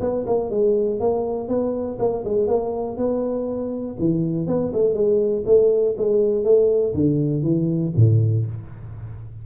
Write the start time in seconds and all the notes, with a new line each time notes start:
0.00 B3
0.26 A#3
0.50 G#3
1.00 A#3
1.48 B3
1.99 A#3
2.25 G#3
2.47 A#3
2.97 B3
3.99 E3
4.47 B3
4.73 A3
4.94 G#3
5.46 A3
5.97 G#3
6.44 A3
6.94 D3
7.42 E3
7.96 A2